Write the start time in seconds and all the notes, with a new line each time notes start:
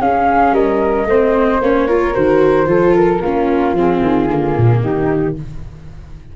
0.00 C#4 G#4 F5
0.52 G3 A#4 D#5
1.06 A3 C4 C5
1.61 A#3 C#4 C#5
1.88 F4 A#4
2.14 D#3 F#4 C5
2.66 F3 F4 A4
2.96 A#4
3.22 A#3 C#4 F4
3.73 F3 C4 G#4
4.02 D#3
4.29 D3 A#3
4.57 A#2
4.81 D#3 D#4 G4